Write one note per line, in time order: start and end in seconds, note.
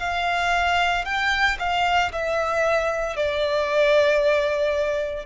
0.00 1.05 F5
1.05 1.58 G5
1.59 2.12 F5
2.12 3.17 E5
3.17 5.26 D5